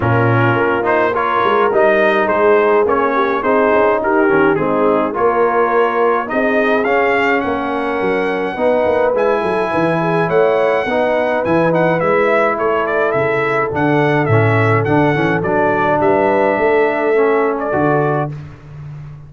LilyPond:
<<
  \new Staff \with { instrumentName = "trumpet" } { \time 4/4 \tempo 4 = 105 ais'4. c''8 cis''4 dis''4 | c''4 cis''4 c''4 ais'4 | gis'4 cis''2 dis''4 | f''4 fis''2. |
gis''2 fis''2 | gis''8 fis''8 e''4 cis''8 d''8 e''4 | fis''4 e''4 fis''4 d''4 | e''2~ e''8. d''4~ d''16 | }
  \new Staff \with { instrumentName = "horn" } { \time 4/4 f'2 ais'2 | gis'4. g'8 gis'4 g'4 | dis'4 ais'2 gis'4~ | gis'4 ais'2 b'4~ |
b'8 a'8 b'8 gis'8 cis''4 b'4~ | b'2 a'2~ | a'1 | b'4 a'2. | }
  \new Staff \with { instrumentName = "trombone" } { \time 4/4 cis'4. dis'8 f'4 dis'4~ | dis'4 cis'4 dis'4. cis'8 | c'4 f'2 dis'4 | cis'2. dis'4 |
e'2. dis'4 | e'8 dis'8 e'2. | d'4 cis'4 d'8 cis'8 d'4~ | d'2 cis'4 fis'4 | }
  \new Staff \with { instrumentName = "tuba" } { \time 4/4 ais,4 ais4. gis8 g4 | gis4 ais4 c'8 cis'8 dis'8 dis8 | gis4 ais2 c'4 | cis'4 ais4 fis4 b8 ais8 |
gis8 fis8 e4 a4 b4 | e4 gis4 a4 cis4 | d4 a,4 d8 e8 fis4 | g4 a2 d4 | }
>>